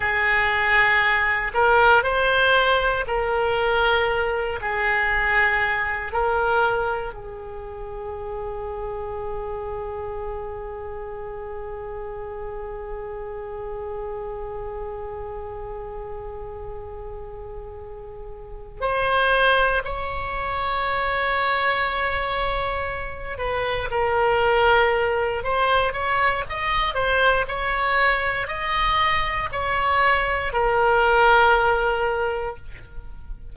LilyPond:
\new Staff \with { instrumentName = "oboe" } { \time 4/4 \tempo 4 = 59 gis'4. ais'8 c''4 ais'4~ | ais'8 gis'4. ais'4 gis'4~ | gis'1~ | gis'1~ |
gis'2~ gis'8 c''4 cis''8~ | cis''2. b'8 ais'8~ | ais'4 c''8 cis''8 dis''8 c''8 cis''4 | dis''4 cis''4 ais'2 | }